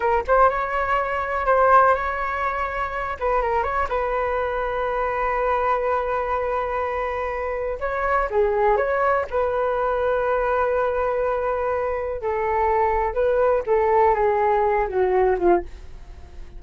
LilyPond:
\new Staff \with { instrumentName = "flute" } { \time 4/4 \tempo 4 = 123 ais'8 c''8 cis''2 c''4 | cis''2~ cis''8 b'8 ais'8 cis''8 | b'1~ | b'1 |
cis''4 gis'4 cis''4 b'4~ | b'1~ | b'4 a'2 b'4 | a'4 gis'4. fis'4 f'8 | }